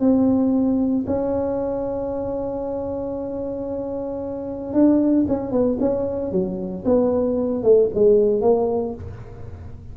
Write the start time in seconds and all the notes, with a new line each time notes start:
0.00 C4
1.07 C#4
4.73 D4
5.28 C#4
5.51 B3
5.80 C#4
6.31 F#3
6.85 B3
7.63 A3
7.94 G#3
8.41 A#3